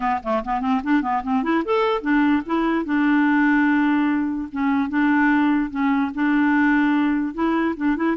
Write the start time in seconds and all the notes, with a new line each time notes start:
0.00 B3
0.23 A3
0.44 B3
0.60 C4
0.83 D4
1.01 B3
1.23 C4
1.43 E4
1.64 A4
2.01 D4
2.46 E4
2.85 D4
4.51 C#4
4.89 D4
5.70 C#4
6.14 D4
7.34 E4
7.76 D4
7.96 E4